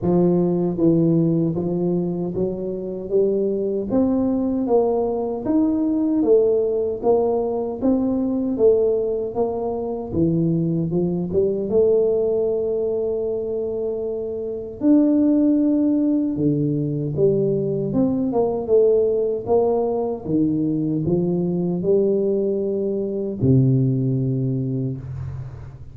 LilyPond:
\new Staff \with { instrumentName = "tuba" } { \time 4/4 \tempo 4 = 77 f4 e4 f4 fis4 | g4 c'4 ais4 dis'4 | a4 ais4 c'4 a4 | ais4 e4 f8 g8 a4~ |
a2. d'4~ | d'4 d4 g4 c'8 ais8 | a4 ais4 dis4 f4 | g2 c2 | }